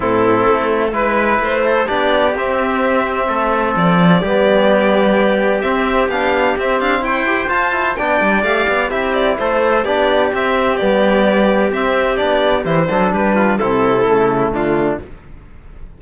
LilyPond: <<
  \new Staff \with { instrumentName = "violin" } { \time 4/4 \tempo 4 = 128 a'2 b'4 c''4 | d''4 e''2. | d''1 | e''4 f''4 e''8 f''8 g''4 |
a''4 g''4 f''4 e''8 d''8 | c''4 d''4 e''4 d''4~ | d''4 e''4 d''4 c''4 | b'4 a'2 f'4 | }
  \new Staff \with { instrumentName = "trumpet" } { \time 4/4 e'2 b'4. a'8 | g'2. a'4~ | a'4 g'2.~ | g'2. c''4~ |
c''4 d''2 g'4 | a'4 g'2.~ | g'2.~ g'8 a'8 | g'8 f'8 e'2 d'4 | }
  \new Staff \with { instrumentName = "trombone" } { \time 4/4 c'2 e'2 | d'4 c'2.~ | c'4 b2. | c'4 d'4 c'4. g'8 |
f'8 e'8 d'4 g'4 e'4~ | e'4 d'4 c'4 b4~ | b4 c'4 d'4 e'8 d'8~ | d'4 c'4 a2 | }
  \new Staff \with { instrumentName = "cello" } { \time 4/4 a,4 a4 gis4 a4 | b4 c'2 a4 | f4 g2. | c'4 b4 c'8 d'8 e'4 |
f'4 b8 g8 a8 b8 c'4 | a4 b4 c'4 g4~ | g4 c'4 b4 e8 fis8 | g4 c4 cis4 d4 | }
>>